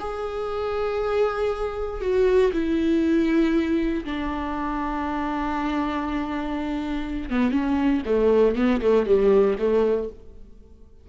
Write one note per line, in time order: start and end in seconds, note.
0.00 2.01 G#4
2.01 2.52 F#4
2.53 4.04 E4
4.05 7.30 D4
7.30 7.52 B3
7.52 8.02 C#4
8.06 8.56 A3
8.56 8.81 B3
8.81 9.06 A3
9.06 9.57 G3
9.59 10.09 A3